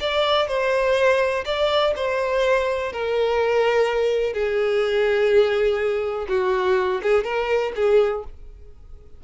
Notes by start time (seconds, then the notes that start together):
0.00 D5
0.47 C5
1.45 D5
1.96 C5
2.92 A#4
4.33 G#4
6.28 F#4
7.02 G#4
7.24 A#4
7.75 G#4